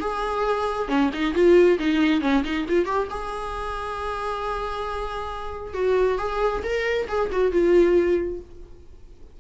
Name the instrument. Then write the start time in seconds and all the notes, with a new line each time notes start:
viola
0.00 G#4
0.88 C#4
1.13 D#4
1.34 F4
1.79 D#4
2.21 C#4
2.44 D#4
2.69 F4
2.85 G4
3.10 G#4
5.74 F#4
6.18 G#4
6.63 A#4
7.08 G#4
7.32 F#4
7.52 F4